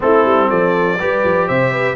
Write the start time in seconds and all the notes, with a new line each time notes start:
0.00 A3 C4 E4 A4
0.24 G3
0.48 F3 A4 D5
0.99 G3 G4 B4
1.24 F3
1.47 C3 C5 E5
1.72 B4